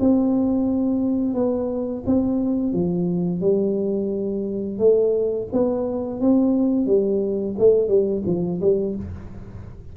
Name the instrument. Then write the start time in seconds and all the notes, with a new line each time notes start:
tuba
0.00 C4
1.34 B3
2.06 C4
2.73 F3
3.41 G3
4.79 A3
5.52 B3
6.20 C4
6.87 G3
7.59 A3
7.88 G3
8.26 F3
8.61 G3